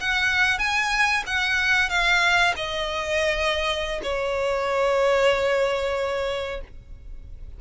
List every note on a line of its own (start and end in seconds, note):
0.00 0.59 F#5
0.59 1.23 G#5
1.26 1.89 F#5
1.89 2.54 F5
2.56 4.01 D#5
4.03 6.61 C#5